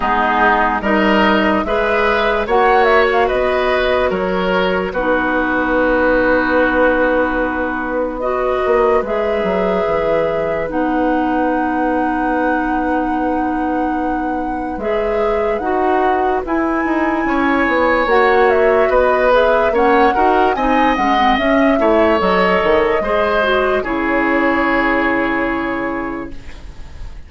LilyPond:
<<
  \new Staff \with { instrumentName = "flute" } { \time 4/4 \tempo 4 = 73 gis'4 dis''4 e''4 fis''8 e''16 f''16 | dis''4 cis''4 b'2~ | b'2 dis''4 e''4~ | e''4 fis''2.~ |
fis''2 e''4 fis''4 | gis''2 fis''8 e''8 dis''8 e''8 | fis''4 gis''8 fis''8 e''4 dis''4~ | dis''4 cis''2. | }
  \new Staff \with { instrumentName = "oboe" } { \time 4/4 dis'4 ais'4 b'4 cis''4 | b'4 ais'4 fis'2~ | fis'2 b'2~ | b'1~ |
b'1~ | b'4 cis''2 b'4 | cis''8 ais'8 dis''4. cis''4. | c''4 gis'2. | }
  \new Staff \with { instrumentName = "clarinet" } { \time 4/4 b4 dis'4 gis'4 fis'4~ | fis'2 dis'2~ | dis'2 fis'4 gis'4~ | gis'4 dis'2.~ |
dis'2 gis'4 fis'4 | e'2 fis'4. gis'8 | cis'8 fis'8 dis'8 cis'16 c'16 cis'8 e'8 a'4 | gis'8 fis'8 e'2. | }
  \new Staff \with { instrumentName = "bassoon" } { \time 4/4 gis4 g4 gis4 ais4 | b4 fis4 b2~ | b2~ b8 ais8 gis8 fis8 | e4 b2.~ |
b2 gis4 dis'4 | e'8 dis'8 cis'8 b8 ais4 b4 | ais8 dis'8 c'8 gis8 cis'8 a8 fis8 dis8 | gis4 cis2. | }
>>